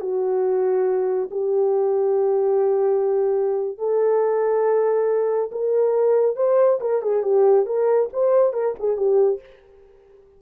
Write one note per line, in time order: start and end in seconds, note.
0.00 1.29 F#4
1.31 3.77 G4
3.77 5.50 A4
5.51 6.36 A#4
6.36 6.79 C5
6.80 7.02 A#4
7.02 7.23 G#4
7.23 7.66 G4
7.66 8.09 A#4
8.12 8.53 C5
8.53 8.74 A#4
8.79 8.97 G#4
8.97 9.40 G4